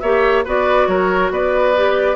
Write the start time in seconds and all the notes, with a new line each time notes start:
0.00 A#3 G4 C#5 E5
0.45 B3 F#4 B4 D5
0.88 F#3 A#4 C#5
1.31 B3 B4 D5
1.76 G4